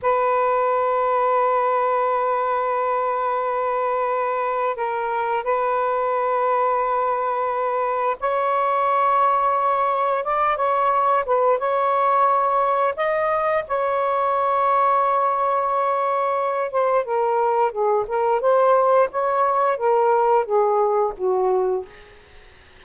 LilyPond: \new Staff \with { instrumentName = "saxophone" } { \time 4/4 \tempo 4 = 88 b'1~ | b'2. ais'4 | b'1 | cis''2. d''8 cis''8~ |
cis''8 b'8 cis''2 dis''4 | cis''1~ | cis''8 c''8 ais'4 gis'8 ais'8 c''4 | cis''4 ais'4 gis'4 fis'4 | }